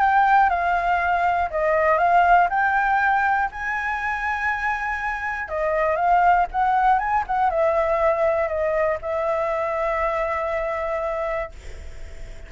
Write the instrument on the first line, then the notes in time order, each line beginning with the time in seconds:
flute
0.00 G5
0.50 F5
1.50 D#5
1.98 F5
2.50 G5
3.52 G#5
5.49 D#5
5.96 F5
6.52 F#5
6.99 G#5
7.27 F#5
7.50 E5
8.48 D#5
9.02 E5